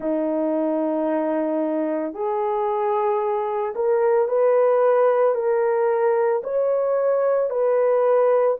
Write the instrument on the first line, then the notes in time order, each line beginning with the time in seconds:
horn
0.00 D#4
2.13 G#4
3.75 A#4
4.28 B4
5.34 A#4
6.43 C#5
7.50 B4